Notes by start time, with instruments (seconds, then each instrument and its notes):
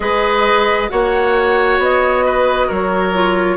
0.00 bassoon G#3, clarinet G#4, oboe B4, flute D#5
0.88 bassoon A#3, clarinet F#4, oboe C#5, flute F#5
1.78 bassoon B3, flute D#5
2.25 oboe B4
2.67 bassoon F#3, oboe A#4, flute C#5
3.13 clarinet F4